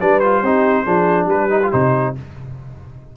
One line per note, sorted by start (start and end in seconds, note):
0.00 0.43 G3
0.00 0.23 D4
0.00 0.43 B4
0.00 0.20 D5
0.20 0.44 F4
0.20 1.28 C5
0.43 0.86 C4
0.43 0.86 D#4
0.43 0.84 G4
0.84 1.26 F3
0.84 1.50 D4
0.84 1.27 G#4
1.26 1.69 G3
1.26 2.16 G4
1.26 1.72 B4
1.50 1.61 D#4
1.63 1.72 F4
1.72 2.17 C3
1.72 2.16 D#4
1.72 2.15 C5